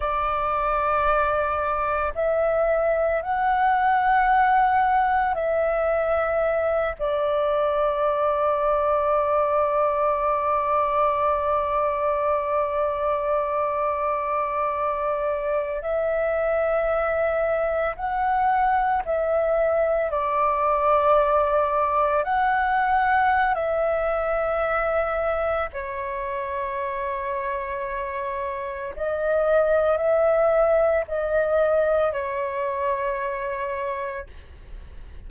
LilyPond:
\new Staff \with { instrumentName = "flute" } { \time 4/4 \tempo 4 = 56 d''2 e''4 fis''4~ | fis''4 e''4. d''4.~ | d''1~ | d''2~ d''8. e''4~ e''16~ |
e''8. fis''4 e''4 d''4~ d''16~ | d''8. fis''4~ fis''16 e''2 | cis''2. dis''4 | e''4 dis''4 cis''2 | }